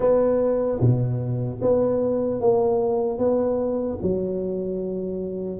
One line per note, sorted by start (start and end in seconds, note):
0.00 0.79 B3
0.80 1.60 B2
1.61 2.40 B3
2.40 3.18 A#3
3.18 3.98 B3
4.02 5.59 F#3